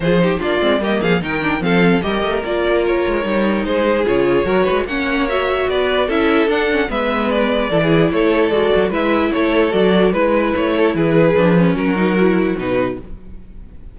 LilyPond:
<<
  \new Staff \with { instrumentName = "violin" } { \time 4/4 \tempo 4 = 148 c''4 d''4 dis''8 f''8 g''4 | f''4 dis''4 d''4 cis''4~ | cis''4 c''4 cis''2 | fis''4 e''4 d''4 e''4 |
fis''4 e''4 d''2 | cis''4 d''4 e''4 cis''4 | d''4 b'4 cis''4 b'4~ | b'4 ais'2 b'4 | }
  \new Staff \with { instrumentName = "violin" } { \time 4/4 gis'8 g'8 f'4 g'8 gis'8 ais'4 | a'4 ais'2.~ | ais'4 gis'2 ais'8 b'8 | cis''2 b'4 a'4~ |
a'4 b'2 a'16 gis'8. | a'2 b'4 a'4~ | a'4 b'4. a'8 gis'4~ | gis'4 fis'2. | }
  \new Staff \with { instrumentName = "viola" } { \time 4/4 f'8 dis'8 d'8 c'8 ais4 dis'8 d'8 | c'4 g'4 f'2 | dis'2 f'4 fis'4 | cis'4 fis'2 e'4 |
d'8 cis'8 b2 e'4~ | e'4 fis'4 e'2 | fis'4 e'2. | d'8 cis'4 dis'8 e'4 dis'4 | }
  \new Staff \with { instrumentName = "cello" } { \time 4/4 f4 ais8 gis8 g8 f8 dis4 | f4 g8 a8 ais4. gis8 | g4 gis4 cis4 fis8 gis8 | ais2 b4 cis'4 |
d'4 gis2 e4 | a4 gis8 fis8 gis4 a4 | fis4 gis4 a4 e4 | f4 fis2 b,4 | }
>>